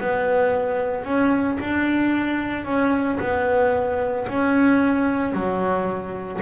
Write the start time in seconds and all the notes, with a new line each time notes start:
0.00 B3
1.04 C#4
1.60 D4
2.65 C#4
3.20 B3
4.29 C#4
5.33 F#3